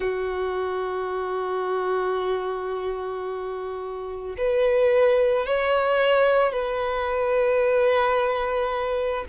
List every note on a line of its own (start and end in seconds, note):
0.00 4.36 F#4
4.37 5.45 B4
5.45 6.52 C#5
6.52 9.24 B4